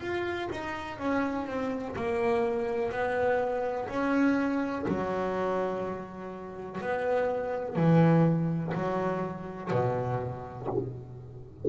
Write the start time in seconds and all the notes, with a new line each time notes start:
0.00 F4
0.51 D#4
0.98 C#4
1.46 C4
1.95 A#3
2.91 B3
3.88 C#4
4.88 F#3
6.81 B3
7.76 E3
8.74 F#3
9.70 B2